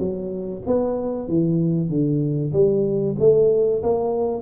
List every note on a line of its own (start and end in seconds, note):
0.00 0.63 F#3
0.67 1.29 B3
1.29 1.89 E3
1.89 2.53 D3
2.53 3.16 G3
3.20 3.83 A3
3.83 4.42 A#3